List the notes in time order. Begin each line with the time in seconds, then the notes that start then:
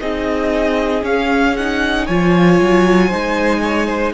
0.00 C4 D#4 G#4 D#5
1.02 C#4 F5
1.56 D#4 F#5
2.05 F3 F4 C#5 G#5
2.61 F#3
3.07 G#3 D#4 C5
3.62 C#5
3.86 C5